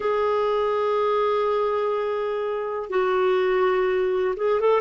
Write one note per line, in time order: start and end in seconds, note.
0.00 2.89 G#4
2.89 4.35 F#4
4.36 4.60 G#4
4.60 4.80 A4